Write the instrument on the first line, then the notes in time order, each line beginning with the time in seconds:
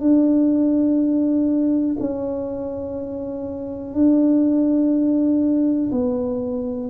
tuba
0.00 D4
2.00 C#4
3.94 D4
5.92 B3